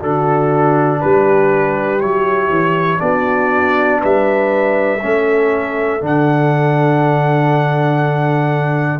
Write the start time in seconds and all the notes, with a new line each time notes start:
0.00 D3 D4 F#4 A4
1.01 G3 G4 B4
2.00 F#3 E4 C#5
2.50 E3
2.99 B3 D4 F#4 D5
4.00 G3 B4 E5
5.02 A3 C#4 A4
6.00 D3 D4 F#5